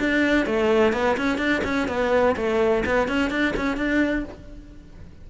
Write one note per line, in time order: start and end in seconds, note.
0.00 0.47 D4
0.47 0.93 A3
0.93 1.17 B3
1.18 1.38 C#4
1.38 1.62 D4
1.65 1.88 C#4
1.88 2.36 B3
2.37 2.84 A3
2.86 3.08 B3
3.08 3.31 C#4
3.31 3.55 D4
3.57 3.77 C#4
3.77 4.25 D4